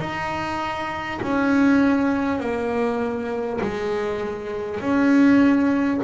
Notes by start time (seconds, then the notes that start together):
0.00 D#4
1.22 C#4
2.40 A#3
3.62 G#3
4.81 C#4